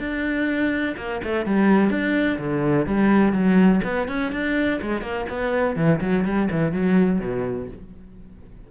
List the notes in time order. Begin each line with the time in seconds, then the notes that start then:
0.00 D4
0.98 A#3
1.24 A3
1.46 G3
1.90 D4
2.39 D3
2.87 G3
3.33 F#3
3.84 B3
4.08 C#4
4.32 D4
4.82 G#3
5.02 A#3
5.30 B3
5.76 E3
6.01 F#3
6.25 G3
6.51 E3
6.72 F#3
7.20 B2